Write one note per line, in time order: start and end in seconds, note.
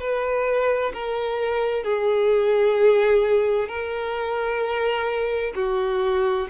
0.00 0.92 B4
0.94 1.84 A#4
1.84 3.68 G#4
3.68 5.53 A#4
5.56 6.48 F#4